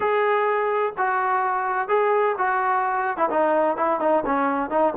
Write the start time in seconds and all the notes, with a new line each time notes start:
0.00 G#4
0.97 F#4
1.88 G#4
2.38 F#4
3.17 E4
3.29 D#4
3.76 E4
3.99 D#4
4.25 C#4
4.70 D#4